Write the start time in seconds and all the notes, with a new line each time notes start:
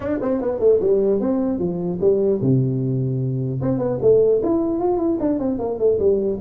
0.00 D4
0.21 C4
0.41 B3
0.59 A3
0.80 G3
1.20 C4
1.58 F3
2.00 G3
2.41 C3
3.61 C4
3.78 B3
4.01 A3
4.42 E4
4.79 F4
4.97 E4
5.19 D4
5.39 C4
5.58 A#3
5.78 A3
5.99 G3